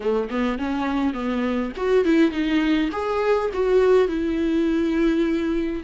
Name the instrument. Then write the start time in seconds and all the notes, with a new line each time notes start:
viola
0.00 A3
0.29 B3
0.58 C#4
1.13 B3
1.76 F#4
2.04 E4
2.31 D#4
2.92 G#4
3.53 F#4
4.08 E4